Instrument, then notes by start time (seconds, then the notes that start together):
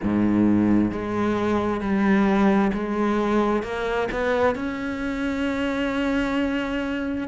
cello
0.02 G#2
0.91 G#3
1.80 G3
2.73 G#3
3.62 A#3
4.12 B3
4.55 C#4